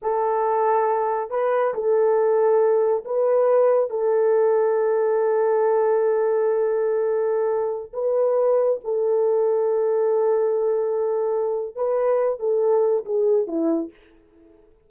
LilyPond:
\new Staff \with { instrumentName = "horn" } { \time 4/4 \tempo 4 = 138 a'2. b'4 | a'2. b'4~ | b'4 a'2.~ | a'1~ |
a'2~ a'16 b'4.~ b'16~ | b'16 a'2.~ a'8.~ | a'2. b'4~ | b'8 a'4. gis'4 e'4 | }